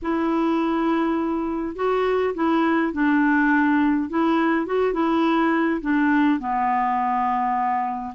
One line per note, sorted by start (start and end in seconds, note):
0.02 1.75 E4
1.75 2.34 F#4
2.34 2.92 E4
2.93 4.09 D4
4.09 4.65 E4
4.65 4.93 F#4
4.93 5.80 E4
5.81 6.39 D4
6.39 8.14 B3